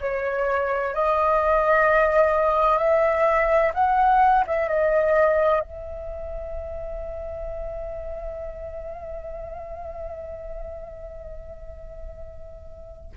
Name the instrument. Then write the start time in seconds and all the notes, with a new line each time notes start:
flute
0.00 C#5
0.94 D#5
2.78 E5
3.74 F#5
4.46 E5
4.68 D#5
5.60 E5